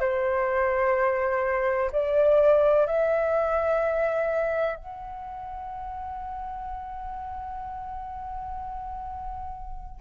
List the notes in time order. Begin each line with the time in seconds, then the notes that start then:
0.00 C5
1.92 D5
2.87 E5
4.77 F#5